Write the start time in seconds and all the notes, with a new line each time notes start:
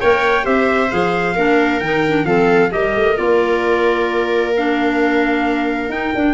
0.00 A#3 A#4 C#5 G5
0.43 C4 G4 C5 E5
0.90 F3 G#4 F5
1.35 A#3 D4 A#4
1.80 D#3 D#4 G5
2.07 D4
2.24 F3 C4 A4 F5
2.70 G3 G4 A#4 D#5
2.95 A3
3.17 A#3 F4 D5
4.57 D4 F5
5.89 D#4 G5
6.15 D4